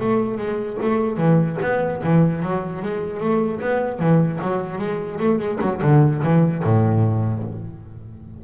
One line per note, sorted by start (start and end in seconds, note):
0.00 0.38 A3
0.38 0.78 G#3
0.82 1.17 A3
1.17 1.57 E3
1.62 2.02 B3
2.03 2.42 E3
2.42 2.82 F#3
2.82 3.20 G#3
3.20 3.60 A3
3.60 3.99 B3
3.99 4.39 E3
4.41 4.78 F#3
4.78 5.18 G#3
5.19 5.39 A3
5.39 5.59 G#3
5.61 5.81 F#3
5.82 6.22 D3
6.23 6.63 E3
6.63 7.43 A2